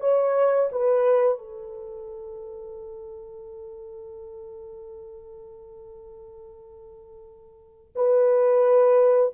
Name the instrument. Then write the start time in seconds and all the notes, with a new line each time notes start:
horn
0.00 C#5
0.71 B4
1.38 A4
7.95 B4